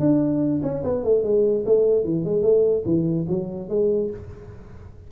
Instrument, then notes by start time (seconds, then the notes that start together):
tuba
0.00 D4
0.63 C#4
0.84 B3
1.04 A3
1.24 G#3
1.66 A3
2.05 E3
2.25 G#3
2.43 A3
2.86 E3
3.29 F#3
3.69 G#3